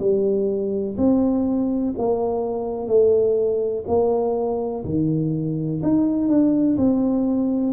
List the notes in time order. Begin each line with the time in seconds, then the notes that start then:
0.00 G3
0.98 C4
1.98 A#3
2.88 A3
3.88 A#3
4.85 D#3
5.83 D#4
6.29 D4
6.77 C4